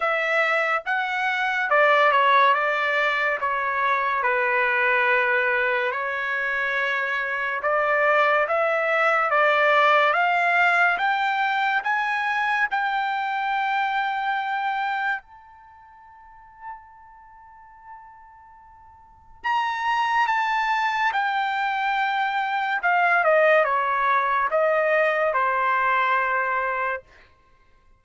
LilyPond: \new Staff \with { instrumentName = "trumpet" } { \time 4/4 \tempo 4 = 71 e''4 fis''4 d''8 cis''8 d''4 | cis''4 b'2 cis''4~ | cis''4 d''4 e''4 d''4 | f''4 g''4 gis''4 g''4~ |
g''2 a''2~ | a''2. ais''4 | a''4 g''2 f''8 dis''8 | cis''4 dis''4 c''2 | }